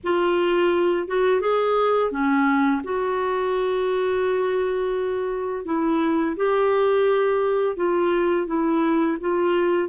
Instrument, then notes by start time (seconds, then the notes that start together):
clarinet
0.03 F4
1.07 F#4
1.41 G#4
2.11 C#4
2.83 F#4
5.65 E4
6.36 G4
7.76 F4
8.46 E4
9.20 F4